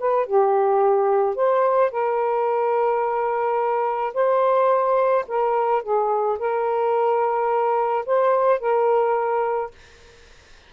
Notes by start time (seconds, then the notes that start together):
0.00 B4
0.27 G4
1.36 C5
1.92 A#4
4.14 C5
5.28 A#4
5.83 G#4
6.39 A#4
8.07 C5
8.60 A#4